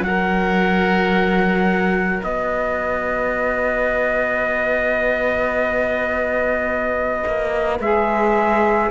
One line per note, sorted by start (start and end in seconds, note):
0.00 2.22 F#3
0.00 2.23 F#5
0.06 7.82 F#4
0.06 2.27 A#4
2.23 7.23 B3
2.23 8.91 B4
2.23 7.79 D#5
7.26 7.79 A#3
7.79 8.91 G#3
7.79 8.91 G#4
7.79 8.91 E5